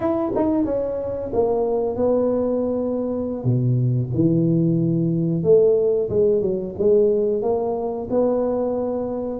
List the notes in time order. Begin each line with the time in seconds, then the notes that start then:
0.00 E4
0.35 D#4
0.64 C#4
1.33 A#3
1.95 B3
3.44 B2
4.14 E3
5.43 A3
6.09 G#3
6.41 F#3
6.78 G#3
7.41 A#3
8.09 B3